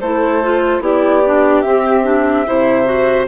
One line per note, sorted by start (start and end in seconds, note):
0.00 0.80 A3
0.00 0.43 E4
0.00 0.83 A4
0.00 0.82 C5
0.43 0.81 F4
0.80 1.62 B3
0.80 1.22 E4
0.80 2.47 G4
0.80 1.61 D5
1.26 1.64 D4
1.61 2.04 C4
1.61 2.47 C4
1.61 3.26 E5
2.04 2.45 D4
2.46 3.27 C3
2.46 2.85 E4
2.46 3.27 C5
2.85 3.26 F#4